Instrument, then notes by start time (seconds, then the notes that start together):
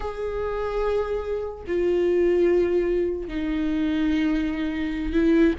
viola
0.00 G#4
1.67 F4
3.28 D#4
5.13 E4